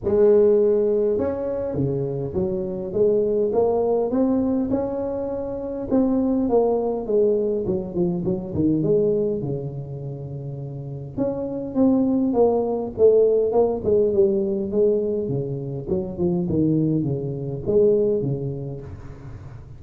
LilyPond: \new Staff \with { instrumentName = "tuba" } { \time 4/4 \tempo 4 = 102 gis2 cis'4 cis4 | fis4 gis4 ais4 c'4 | cis'2 c'4 ais4 | gis4 fis8 f8 fis8 dis8 gis4 |
cis2. cis'4 | c'4 ais4 a4 ais8 gis8 | g4 gis4 cis4 fis8 f8 | dis4 cis4 gis4 cis4 | }